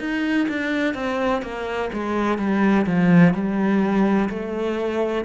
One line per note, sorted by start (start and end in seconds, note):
0.00 0.48 D#4
0.48 0.94 D4
0.94 1.42 C4
1.42 1.90 A#3
1.93 2.38 G#3
2.38 2.86 G3
2.86 3.34 F3
3.34 4.29 G3
4.29 5.25 A3